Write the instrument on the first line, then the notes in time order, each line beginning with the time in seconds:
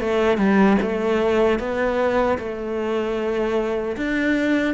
cello
0.00 A3
0.38 G3
0.82 A3
1.59 B3
2.38 A3
3.97 D4